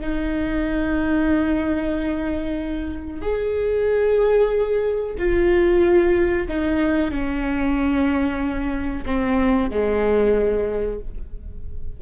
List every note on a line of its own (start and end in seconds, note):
0.00 3.21 D#4
3.21 5.15 G#4
5.18 6.47 F4
6.48 7.10 D#4
7.10 9.04 C#4
9.05 9.70 C4
9.70 10.99 G#3